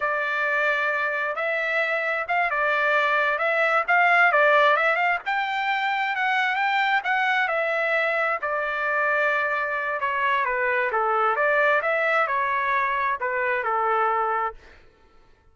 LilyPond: \new Staff \with { instrumentName = "trumpet" } { \time 4/4 \tempo 4 = 132 d''2. e''4~ | e''4 f''8 d''2 e''8~ | e''8 f''4 d''4 e''8 f''8 g''8~ | g''4. fis''4 g''4 fis''8~ |
fis''8 e''2 d''4.~ | d''2 cis''4 b'4 | a'4 d''4 e''4 cis''4~ | cis''4 b'4 a'2 | }